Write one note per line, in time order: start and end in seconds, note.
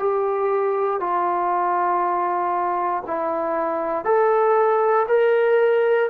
0.00 1.00 G4
1.00 3.04 F4
3.07 4.05 E4
4.05 5.07 A4
5.08 6.10 A#4